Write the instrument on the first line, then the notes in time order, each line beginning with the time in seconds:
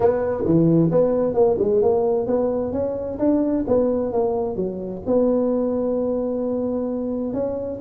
tuba
0.00 B3
0.45 E3
0.91 B3
1.34 A#3
1.59 G#3
1.82 A#3
2.26 B3
2.72 C#4
3.19 D4
3.67 B3
4.12 A#3
4.56 F#3
5.06 B3
7.33 C#4